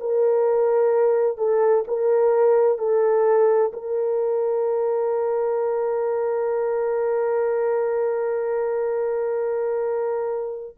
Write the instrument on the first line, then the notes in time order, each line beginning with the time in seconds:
horn
0.00 A#4
1.37 A4
1.87 A#4
2.78 A4
3.72 A#4